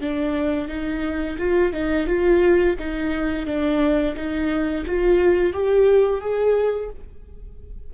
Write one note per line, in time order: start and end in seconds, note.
0.00 0.68 D4
0.68 1.37 D#4
1.38 1.72 F4
1.72 2.07 D#4
2.07 2.76 F4
2.79 3.46 D#4
3.46 4.15 D4
4.15 4.84 D#4
4.86 5.53 F4
5.53 6.20 G4
6.20 6.89 G#4